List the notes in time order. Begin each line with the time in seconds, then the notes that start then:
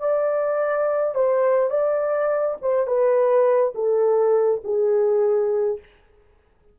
0.00 D5
1.15 C5
1.70 D5
2.62 C5
2.87 B4
3.75 A4
4.64 G#4